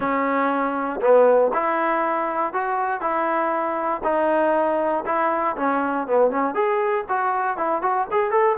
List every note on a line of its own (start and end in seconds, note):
0.00 1.00 C#4
1.01 1.51 B3
1.53 2.53 E4
2.53 3.00 F#4
3.00 4.01 E4
4.03 5.04 D#4
5.05 5.56 E4
5.56 6.07 C#4
6.07 6.30 B3
6.30 6.54 C#4
6.54 7.05 G#4
7.08 7.57 F#4
7.57 7.82 E4
7.82 8.07 F#4
8.11 8.31 G#4
8.31 8.56 A4